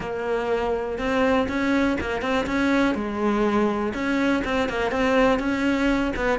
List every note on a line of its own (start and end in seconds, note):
0.00 0.98 A#3
0.98 1.47 C4
1.48 1.97 C#4
2.00 2.21 A#3
2.21 2.46 C4
2.46 2.95 C#4
2.95 3.93 G#3
3.93 4.43 C#4
4.44 4.69 C4
4.69 4.91 A#3
4.91 5.39 C4
5.39 6.12 C#4
6.16 6.39 B3